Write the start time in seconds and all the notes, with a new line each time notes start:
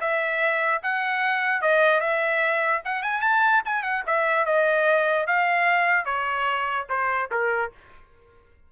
0.00 E5
0.82 F#5
1.61 D#5
2.00 E5
2.85 F#5
3.02 G#5
3.21 A5
3.65 G#5
3.82 F#5
4.06 E5
4.45 D#5
5.26 F5
6.05 C#5
6.89 C5
7.31 A#4